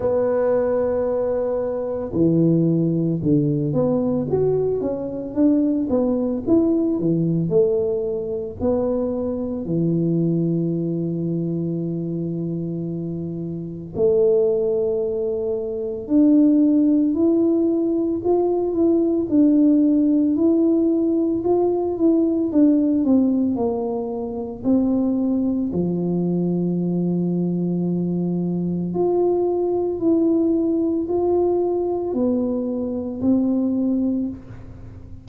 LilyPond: \new Staff \with { instrumentName = "tuba" } { \time 4/4 \tempo 4 = 56 b2 e4 d8 b8 | fis'8 cis'8 d'8 b8 e'8 e8 a4 | b4 e2.~ | e4 a2 d'4 |
e'4 f'8 e'8 d'4 e'4 | f'8 e'8 d'8 c'8 ais4 c'4 | f2. f'4 | e'4 f'4 b4 c'4 | }